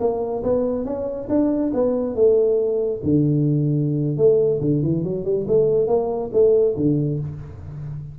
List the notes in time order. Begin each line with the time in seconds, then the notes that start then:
0.00 A#3
0.43 B3
0.85 C#4
1.29 D4
1.74 B3
2.15 A3
3.03 D3
4.17 A3
4.61 D3
4.83 E3
5.04 F#3
5.25 G3
5.48 A3
5.87 A#3
6.33 A3
6.76 D3